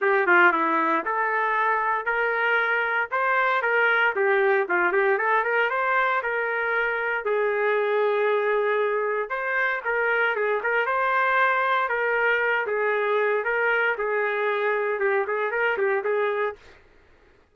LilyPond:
\new Staff \with { instrumentName = "trumpet" } { \time 4/4 \tempo 4 = 116 g'8 f'8 e'4 a'2 | ais'2 c''4 ais'4 | g'4 f'8 g'8 a'8 ais'8 c''4 | ais'2 gis'2~ |
gis'2 c''4 ais'4 | gis'8 ais'8 c''2 ais'4~ | ais'8 gis'4. ais'4 gis'4~ | gis'4 g'8 gis'8 ais'8 g'8 gis'4 | }